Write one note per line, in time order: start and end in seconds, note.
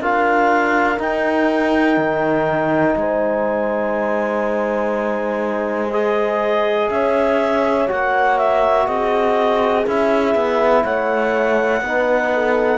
0.00 0.98 D4
0.00 0.98 F4
0.00 2.96 A#4
0.00 1.00 F5
0.98 5.89 D#4
0.98 1.97 D#4
0.98 2.97 G5
1.97 2.95 D#3
2.96 6.89 G#3
2.96 6.92 C5
2.96 5.91 G#5
5.91 7.88 G#4
5.91 6.89 D#5
6.90 7.88 C#4
6.90 8.86 C#5
6.90 7.88 E5
7.88 8.88 A#3
7.88 9.84 F#4
7.88 8.38 F#5
8.38 8.87 E5
8.86 9.86 C4
8.86 10.83 G#4
8.86 9.85 D#5
9.86 10.35 C#4
9.86 11.83 E4
9.86 10.84 E5
10.35 10.84 B3
10.83 11.81 A3
10.83 11.81 C#5
10.83 12.78 F#5
11.81 12.78 B3
11.81 12.78 D#4
11.81 12.32 B4
12.33 12.78 A4